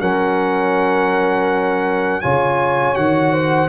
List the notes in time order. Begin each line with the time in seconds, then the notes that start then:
0.00 F#3 C#4 A#4 F#5
2.21 C#3 F4 C#5 G#5
2.95 D#3 F#4 F#5
3.32 C5